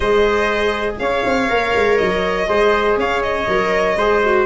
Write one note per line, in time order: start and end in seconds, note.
0.00 0.99 G#3
0.00 1.48 G#4
0.00 0.95 C5
0.00 0.96 D#5
0.99 1.24 C#4
0.99 2.48 C#5
0.99 1.97 F5
1.24 1.49 C4
1.48 1.74 A#3
1.48 2.47 A#4
1.75 2.00 G#3
1.97 2.48 F#3
1.97 2.96 D#5
2.47 2.97 G#3
2.47 3.46 G#4
2.47 2.98 C5
2.97 3.46 C#4
2.97 3.97 C#5
2.97 3.22 F5
3.22 4.45 D#5
3.47 3.96 F#3
3.47 3.97 A#4
3.96 4.45 G#3
3.96 4.23 G#4
3.96 4.45 C5
4.24 4.45 F#4